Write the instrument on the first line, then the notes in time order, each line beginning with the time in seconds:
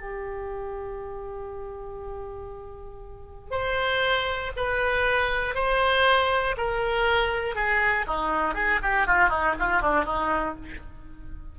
oboe
0.00 G4
3.51 C5
4.56 B4
5.55 C5
6.57 A#4
7.55 G#4
8.07 D#4
8.54 G#4
8.82 G4
9.07 F4
9.29 D#4
9.59 F4
9.81 D4
10.05 D#4